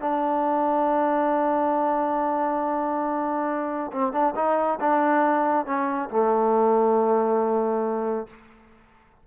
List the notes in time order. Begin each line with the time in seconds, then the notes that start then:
0.00 D4
3.92 C4
4.12 D4
4.35 D#4
4.80 D4
5.66 C#4
6.09 A3